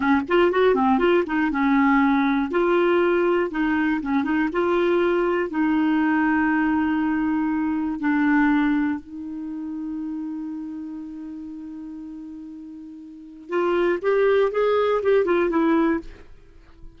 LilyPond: \new Staff \with { instrumentName = "clarinet" } { \time 4/4 \tempo 4 = 120 cis'8 f'8 fis'8 c'8 f'8 dis'8 cis'4~ | cis'4 f'2 dis'4 | cis'8 dis'8 f'2 dis'4~ | dis'1 |
d'2 dis'2~ | dis'1~ | dis'2. f'4 | g'4 gis'4 g'8 f'8 e'4 | }